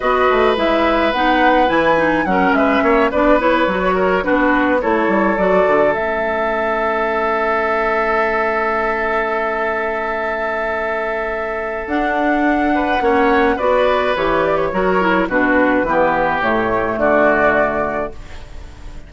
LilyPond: <<
  \new Staff \with { instrumentName = "flute" } { \time 4/4 \tempo 4 = 106 dis''4 e''4 fis''4 gis''4 | fis''8 e''4 d''8 cis''4. b'8~ | b'8 cis''4 d''4 e''4.~ | e''1~ |
e''1~ | e''4 fis''2. | d''4 cis''8 d''16 cis''4~ cis''16 b'4~ | b'4 cis''4 d''2 | }
  \new Staff \with { instrumentName = "oboe" } { \time 4/4 b'1 | ais'8 b'8 cis''8 b'4. ais'8 fis'8~ | fis'8 a'2.~ a'8~ | a'1~ |
a'1~ | a'2~ a'8 b'8 cis''4 | b'2 ais'4 fis'4 | g'2 fis'2 | }
  \new Staff \with { instrumentName = "clarinet" } { \time 4/4 fis'4 e'4 dis'4 e'8 dis'8 | cis'4. d'8 e'8 fis'4 d'8~ | d'8 e'4 fis'4 cis'4.~ | cis'1~ |
cis'1~ | cis'4 d'2 cis'4 | fis'4 g'4 fis'8 e'8 d'4 | b4 a2. | }
  \new Staff \with { instrumentName = "bassoon" } { \time 4/4 b8 a8 gis4 b4 e4 | fis8 gis8 ais8 b4 fis4 b8~ | b8 a8 g8 fis8 d8 a4.~ | a1~ |
a1~ | a4 d'2 ais4 | b4 e4 fis4 b,4 | e4 a,4 d2 | }
>>